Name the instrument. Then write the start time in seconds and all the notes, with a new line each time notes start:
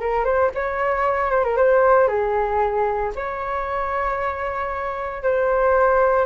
flute
0.00 A#4
0.25 C5
0.55 C#5
1.31 C5
1.44 A#4
1.57 C5
2.08 G#4
3.16 C#5
5.23 C5